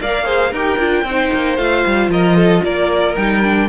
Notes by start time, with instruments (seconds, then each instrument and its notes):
0.00 cello A#3, viola A#4, violin D5 F5
0.24 viola G#4, violin C5
0.51 cello D#4, viola G4, violin A#4 G5
0.78 cello D4, viola F4
1.04 cello C4, viola D#4, violin C5
1.33 cello A#3
1.56 cello A3, viola F4, violin F5
1.86 cello G3
2.08 cello F3, violin A#4 D#5
2.36 violin A4
2.63 cello A#3, violin A#4 D5
3.15 cello G3, viola D#4, violin G5
3.43 viola D4